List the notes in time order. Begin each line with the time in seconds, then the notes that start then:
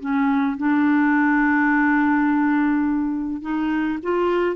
0.00 C#4
0.57 D4
3.42 D#4
4.03 F4